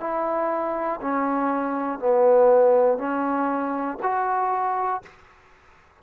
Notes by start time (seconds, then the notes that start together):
0.00 E4
1.01 C#4
1.99 B3
2.97 C#4
4.02 F#4